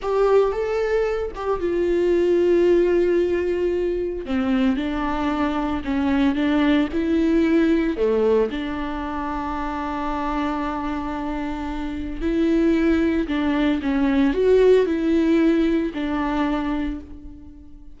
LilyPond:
\new Staff \with { instrumentName = "viola" } { \time 4/4 \tempo 4 = 113 g'4 a'4. g'8 f'4~ | f'1 | c'4 d'2 cis'4 | d'4 e'2 a4 |
d'1~ | d'2. e'4~ | e'4 d'4 cis'4 fis'4 | e'2 d'2 | }